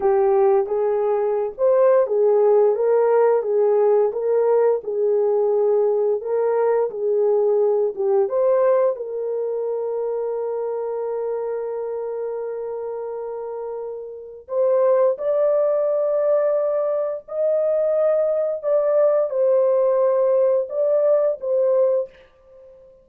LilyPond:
\new Staff \with { instrumentName = "horn" } { \time 4/4 \tempo 4 = 87 g'4 gis'4~ gis'16 c''8. gis'4 | ais'4 gis'4 ais'4 gis'4~ | gis'4 ais'4 gis'4. g'8 | c''4 ais'2.~ |
ais'1~ | ais'4 c''4 d''2~ | d''4 dis''2 d''4 | c''2 d''4 c''4 | }